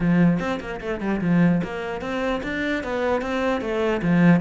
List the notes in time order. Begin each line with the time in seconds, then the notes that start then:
0.00 F3
0.39 C4
0.60 A#3
0.80 A3
1.00 G3
1.21 F3
1.63 A#3
2.01 C4
2.43 D4
2.83 B3
3.21 C4
3.61 A3
4.01 F3